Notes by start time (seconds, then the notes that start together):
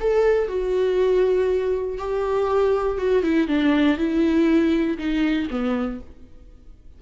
0.00 A4
0.48 F#4
1.98 G4
2.98 F#4
3.23 E4
3.48 D4
3.98 E4
4.98 D#4
5.51 B3